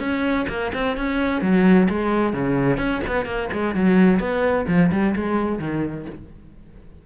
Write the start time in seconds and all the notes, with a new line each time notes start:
0.00 C#4
0.49 A#3
0.74 C4
0.97 C#4
1.42 F#3
1.90 G#3
2.34 C#3
2.78 C#4
3.08 B3
3.26 A#3
3.53 G#3
3.75 F#3
4.20 B3
4.68 F3
4.92 G3
5.16 G#3
5.59 D#3